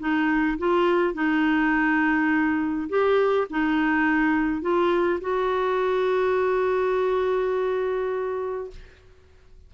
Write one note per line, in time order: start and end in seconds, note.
0.00 0.58 D#4
0.59 1.14 F4
1.14 2.89 D#4
2.90 3.48 G4
3.50 4.62 D#4
4.62 5.20 F4
5.21 8.71 F#4